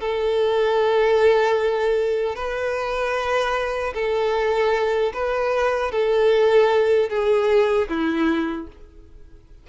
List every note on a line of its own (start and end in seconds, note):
0.00 2.35 A4
2.35 3.93 B4
3.94 5.12 A4
5.13 5.91 B4
5.91 7.09 A4
7.09 7.88 G#4
7.88 8.67 E4